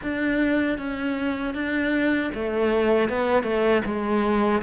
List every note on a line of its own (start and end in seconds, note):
0.02 0.78 D4
0.78 1.54 C#4
1.54 2.31 D4
2.34 3.09 A3
3.09 3.43 B3
3.43 3.81 A3
3.85 4.62 G#3